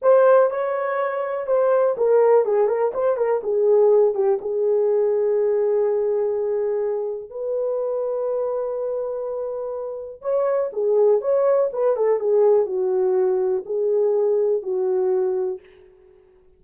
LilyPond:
\new Staff \with { instrumentName = "horn" } { \time 4/4 \tempo 4 = 123 c''4 cis''2 c''4 | ais'4 gis'8 ais'8 c''8 ais'8 gis'4~ | gis'8 g'8 gis'2.~ | gis'2. b'4~ |
b'1~ | b'4 cis''4 gis'4 cis''4 | b'8 a'8 gis'4 fis'2 | gis'2 fis'2 | }